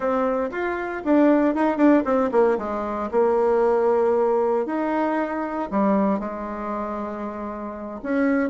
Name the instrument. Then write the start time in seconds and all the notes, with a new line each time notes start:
bassoon
0.00 C4
0.51 F4
1.04 D4
1.54 D#4
1.77 D4
2.04 C4
2.31 A#3
2.58 G#3
3.11 A#3
4.66 D#4
5.70 G3
6.19 G#3
8.02 C#4